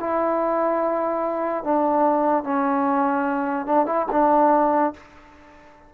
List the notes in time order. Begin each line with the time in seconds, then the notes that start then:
0.00 E4
1.64 D4
2.44 C#4
3.66 D4
3.86 E4
4.12 D4